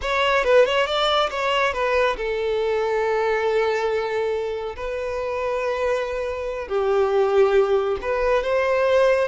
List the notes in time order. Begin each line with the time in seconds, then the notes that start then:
0.01 C#5
0.44 B4
0.65 C#5
0.86 D5
1.29 C#5
1.73 B4
2.16 A4
4.76 B4
6.67 G4
8.01 B4
8.43 C5